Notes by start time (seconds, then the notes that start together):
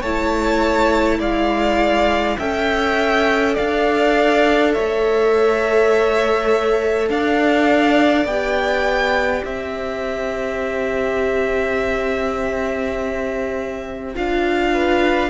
0.00 A3 E4 C#5 A5
1.19 G#3 D5 F5
2.38 C#4 A4 E5 G5
3.54 D4 D5 F5
4.73 A3 C#5 E5
7.09 D4 D5 F5
8.25 B3 G4 G5
9.44 C4 C5 E5
14.14 D4 F4 F5
14.73 B4